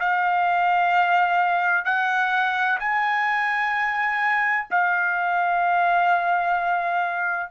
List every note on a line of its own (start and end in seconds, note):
0.00 1.85 F5
1.85 2.79 F#5
2.80 4.67 G#5
4.71 7.51 F5